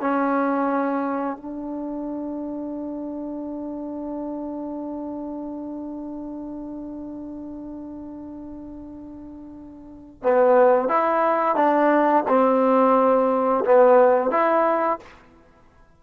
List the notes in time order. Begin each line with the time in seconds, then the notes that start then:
0.00 C#4
1.36 D4
10.22 B3
10.88 E4
11.55 D4
12.28 C4
13.65 B3
14.30 E4